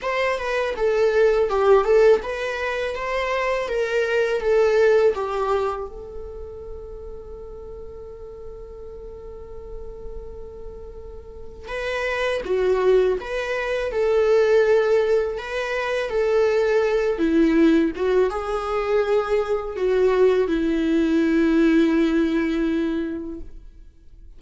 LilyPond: \new Staff \with { instrumentName = "viola" } { \time 4/4 \tempo 4 = 82 c''8 b'8 a'4 g'8 a'8 b'4 | c''4 ais'4 a'4 g'4 | a'1~ | a'1 |
b'4 fis'4 b'4 a'4~ | a'4 b'4 a'4. e'8~ | e'8 fis'8 gis'2 fis'4 | e'1 | }